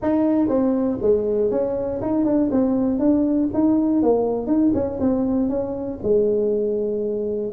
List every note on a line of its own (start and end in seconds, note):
0.01 0.48 D#4
0.48 0.98 C4
1.01 1.50 G#3
1.50 2.00 C#4
2.01 2.25 D#4
2.25 2.50 D4
2.51 2.99 C4
2.99 3.49 D4
3.53 4.02 D#4
4.02 4.46 A#3
4.46 4.71 D#4
4.74 4.99 C#4
5.00 5.49 C4
5.49 5.99 C#4
6.02 7.52 G#3